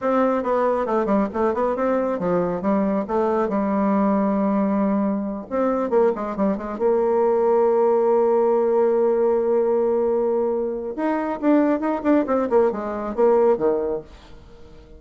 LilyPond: \new Staff \with { instrumentName = "bassoon" } { \time 4/4 \tempo 4 = 137 c'4 b4 a8 g8 a8 b8 | c'4 f4 g4 a4 | g1~ | g8 c'4 ais8 gis8 g8 gis8 ais8~ |
ais1~ | ais1~ | ais4 dis'4 d'4 dis'8 d'8 | c'8 ais8 gis4 ais4 dis4 | }